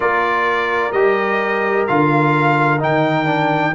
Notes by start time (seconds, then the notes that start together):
0.00 A#3 F4 A#4 D5
0.92 G3 G4 D#5
1.87 D3 F4 F5
2.79 D#3 D#4 G5
3.25 D4